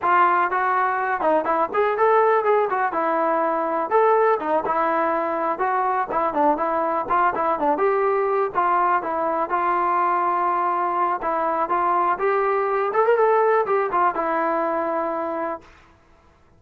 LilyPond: \new Staff \with { instrumentName = "trombone" } { \time 4/4 \tempo 4 = 123 f'4 fis'4. dis'8 e'8 gis'8 | a'4 gis'8 fis'8 e'2 | a'4 dis'8 e'2 fis'8~ | fis'8 e'8 d'8 e'4 f'8 e'8 d'8 |
g'4. f'4 e'4 f'8~ | f'2. e'4 | f'4 g'4. a'16 ais'16 a'4 | g'8 f'8 e'2. | }